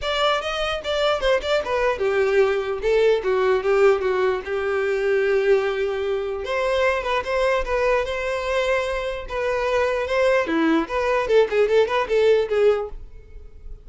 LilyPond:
\new Staff \with { instrumentName = "violin" } { \time 4/4 \tempo 4 = 149 d''4 dis''4 d''4 c''8 d''8 | b'4 g'2 a'4 | fis'4 g'4 fis'4 g'4~ | g'1 |
c''4. b'8 c''4 b'4 | c''2. b'4~ | b'4 c''4 e'4 b'4 | a'8 gis'8 a'8 b'8 a'4 gis'4 | }